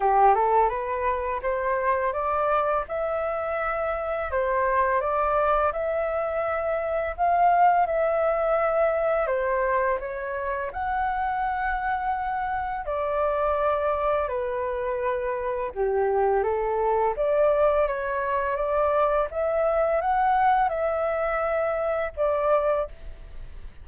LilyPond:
\new Staff \with { instrumentName = "flute" } { \time 4/4 \tempo 4 = 84 g'8 a'8 b'4 c''4 d''4 | e''2 c''4 d''4 | e''2 f''4 e''4~ | e''4 c''4 cis''4 fis''4~ |
fis''2 d''2 | b'2 g'4 a'4 | d''4 cis''4 d''4 e''4 | fis''4 e''2 d''4 | }